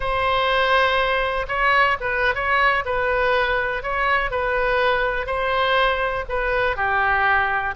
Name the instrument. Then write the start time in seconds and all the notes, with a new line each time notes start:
oboe
0.00 C5
1.48 C#5
2.00 B4
2.34 C#5
2.85 B4
3.82 C#5
4.30 B4
5.26 C5
6.29 B4
6.76 G4